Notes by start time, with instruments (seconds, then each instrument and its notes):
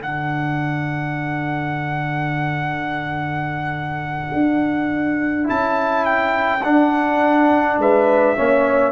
0.00 tuba D3, trombone D4, horn A4, trumpet F#5
4.33 tuba D4
5.44 trombone E4, trumpet A5
5.50 tuba C#4
6.05 trumpet G5
6.63 trombone D4, tuba D4, trumpet F#5
7.78 tuba G#3, horn B4, trumpet E5
8.37 tuba A#3, trombone C#4, horn C#5